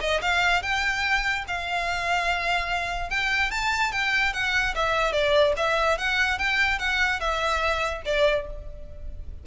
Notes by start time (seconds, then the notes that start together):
0.00 D#5
0.21 F5
0.62 G5
1.47 F5
3.10 G5
3.50 A5
3.92 G5
4.33 F#5
4.75 E5
5.12 D5
5.57 E5
5.98 F#5
6.38 G5
6.79 F#5
7.20 E5
8.05 D5